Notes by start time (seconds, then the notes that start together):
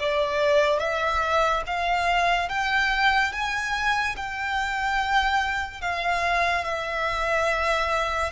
0.00 D5
0.80 E5
1.67 F5
2.49 G5
3.33 G#5
4.17 G5
5.82 F5
6.65 E5